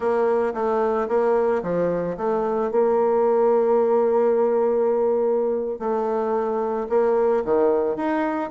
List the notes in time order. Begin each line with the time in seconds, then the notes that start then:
0.00 A#3
0.54 A3
1.08 A#3
1.62 F3
2.17 A3
2.71 A#3
5.79 A3
6.89 A#3
7.44 D#3
7.96 D#4